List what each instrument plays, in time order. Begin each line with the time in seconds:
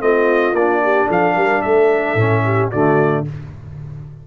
0.00 tuba A3, trombone C4, horn F4, trumpet D#5
0.52 tuba A#3, trombone D4, trumpet D5
0.83 horn G4
1.08 tuba F3, horn A4, trumpet F5
1.35 tuba G3, horn A#4
1.62 tuba A3, horn A4, trumpet E5
2.15 tuba A2, trombone C#4
2.44 horn G4
2.71 tuba D3, trombone A3, horn F#4, trumpet D5